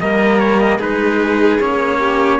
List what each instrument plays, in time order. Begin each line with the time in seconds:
0.00 cello G3 A#3, violin A#4, trumpet D#5
0.39 trumpet C#5
0.60 trumpet D#5
0.78 cello G#3 D#4, violin G#4, trumpet B4
1.60 cello A#3 C#4, trumpet C#5
1.99 violin G4